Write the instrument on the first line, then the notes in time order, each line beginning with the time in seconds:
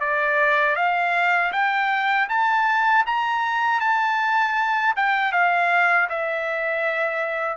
trumpet
0.00 D5
0.76 F5
1.52 G5
2.29 A5
3.06 A#5
3.80 A5
4.96 G5
5.32 F5
6.09 E5